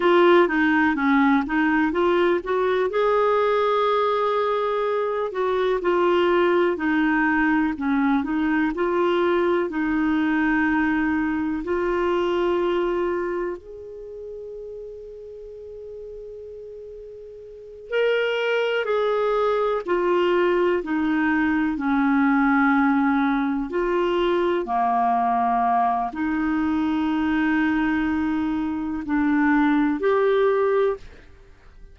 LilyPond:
\new Staff \with { instrumentName = "clarinet" } { \time 4/4 \tempo 4 = 62 f'8 dis'8 cis'8 dis'8 f'8 fis'8 gis'4~ | gis'4. fis'8 f'4 dis'4 | cis'8 dis'8 f'4 dis'2 | f'2 gis'2~ |
gis'2~ gis'8 ais'4 gis'8~ | gis'8 f'4 dis'4 cis'4.~ | cis'8 f'4 ais4. dis'4~ | dis'2 d'4 g'4 | }